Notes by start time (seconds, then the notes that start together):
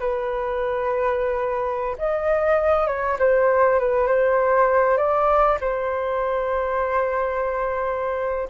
0.00 B4
1.99 D#5
2.88 C#5
3.20 C5
3.80 B4
4.07 C5
4.98 D5
5.61 C5